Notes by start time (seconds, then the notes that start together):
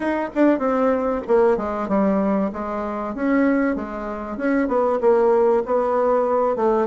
0.00 D#4
0.34 D4
0.58 C4
1.27 A#3
1.57 G#3
1.88 G3
2.53 G#3
3.14 C#4
3.75 G#3
4.37 C#4
4.68 B3
5.00 A#3
5.65 B3
6.56 A3